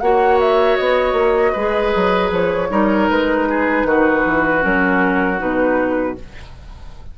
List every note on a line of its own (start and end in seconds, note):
0.00 0.78 A#3
0.00 1.56 F#4
0.00 1.52 C#5
0.00 0.38 F#5
0.40 0.76 E5
0.76 1.12 B3
0.76 2.30 D#5
1.12 1.51 A#3
1.52 1.93 G#3
1.52 2.70 G#4
1.52 2.67 B4
1.95 2.30 F#3
2.30 2.69 F3
2.30 3.09 C#5
2.70 3.08 G3
2.70 4.60 D#4
2.70 3.48 A#4
3.09 3.83 G#3
3.09 4.63 B4
3.49 3.87 G#4
3.83 4.22 D#3
3.83 6.18 F#4
4.25 4.64 E3
4.60 5.41 F#3
4.60 5.37 C#4
4.60 5.40 A#4
5.38 6.18 B2
5.38 6.15 D#4
5.38 6.17 B4